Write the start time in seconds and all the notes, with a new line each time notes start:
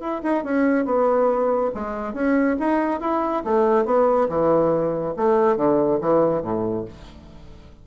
0.00 E4
0.23 D#4
0.44 C#4
0.85 B3
1.74 G#3
2.13 C#4
2.59 D#4
3.00 E4
3.44 A3
3.85 B3
4.29 E3
5.16 A3
5.56 D3
6.01 E3
6.42 A2